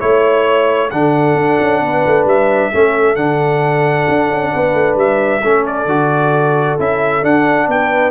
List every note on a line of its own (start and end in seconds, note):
0.00 0.92 A3
0.00 0.90 E4
0.00 0.91 C#5
0.00 0.92 C#5
0.91 1.35 D3
0.91 2.73 D4
0.91 1.82 A4
0.91 2.26 F#5
1.35 1.58 D4
1.61 1.83 C#4
1.82 2.05 B3
1.82 2.72 B4
2.06 2.26 A3
2.26 2.71 G3
2.26 3.16 E5
2.73 3.17 A3
2.73 3.16 C#4
2.73 4.53 A4
3.16 4.07 D3
3.16 5.42 D4
3.16 4.97 F#5
4.09 4.31 D4
4.32 4.54 C#4
4.53 4.74 B3
4.53 5.43 B4
4.74 4.96 A3
4.96 5.41 G3
4.96 5.67 E5
5.43 5.86 A3
5.43 5.89 C#4
5.43 7.69 A4
5.67 6.80 D5
5.86 6.76 D3
5.86 6.79 F#4
6.79 7.24 C#4
6.79 7.23 E4
6.79 7.25 E5
7.23 8.12 D4
7.23 7.68 D4
7.23 7.70 F#5
7.68 8.12 B3
7.68 8.12 B4
7.68 8.12 G5